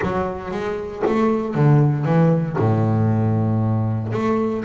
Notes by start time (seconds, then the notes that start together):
0.01 F#3
0.51 G#3
1.06 A3
1.54 D3
2.05 E3
2.58 A2
4.12 A3